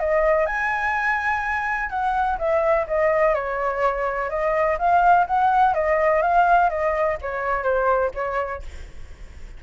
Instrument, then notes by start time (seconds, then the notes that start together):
flute
0.00 D#5
0.47 G#5
1.90 F#5
2.39 E5
2.88 D#5
3.35 C#5
4.30 D#5
4.79 F5
5.27 F#5
5.74 D#5
6.23 F5
6.70 D#5
7.22 C#5
7.64 C5
8.15 C#5